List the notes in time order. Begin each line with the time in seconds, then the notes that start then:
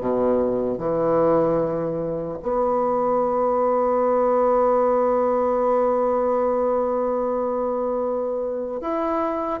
0.00 B2
0.78 E3
2.42 B3
8.80 E4